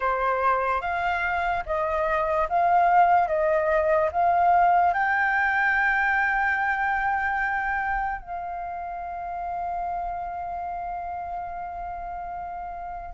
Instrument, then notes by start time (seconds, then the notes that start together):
flute
0.00 C5
0.81 F5
1.66 D#5
2.49 F5
3.27 D#5
4.12 F5
4.93 G5
8.21 F5